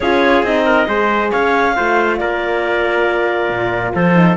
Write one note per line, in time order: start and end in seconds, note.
0.00 0.43 C#4
0.00 0.45 F4
0.00 0.65 G#4
0.00 0.43 C#5
0.43 0.86 C4
0.43 0.86 D#4
0.43 1.31 D#5
0.65 0.87 A#4
0.86 1.31 G#3
0.86 1.74 G#4
0.86 1.31 C5
1.31 1.77 C#4
1.31 1.75 C#5
1.31 2.17 F5
1.76 2.20 A3
1.76 4.14 F4
1.76 2.19 C5
2.17 3.49 A#3
2.17 3.94 A#4
2.17 3.92 D5
3.49 3.92 A#2
3.94 4.36 F3
3.94 4.36 A4
3.94 4.36 C5
4.14 4.36 D#4